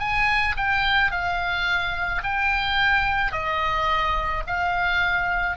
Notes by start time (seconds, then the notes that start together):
0.00 G#5
0.57 G5
1.12 F5
2.23 G5
3.32 D#5
4.47 F5